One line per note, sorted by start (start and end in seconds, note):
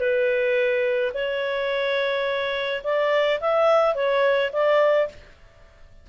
0.00 1.12 B4
1.14 2.82 C#5
2.84 3.40 D5
3.41 3.95 E5
3.95 4.51 C#5
4.53 5.09 D5